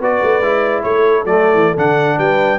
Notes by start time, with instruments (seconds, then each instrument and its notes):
0.00 tuba B3, trombone F#4, horn B4, trumpet D5
0.22 tuba A3
0.40 tuba G#3, trombone E4
0.83 tuba A3, horn A4, trumpet C#5
1.25 tuba F#3, trombone A3, trumpet D5
1.53 tuba E3
1.77 tuba D3, trombone D4, trumpet F#5
2.18 tuba G3, horn B4, trumpet G5